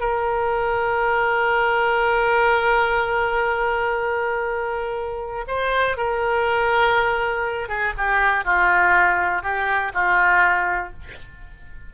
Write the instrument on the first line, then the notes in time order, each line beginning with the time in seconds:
oboe
0.00 A#4
5.47 C5
5.97 A#4
7.69 G#4
7.98 G4
8.45 F4
9.43 G4
9.94 F4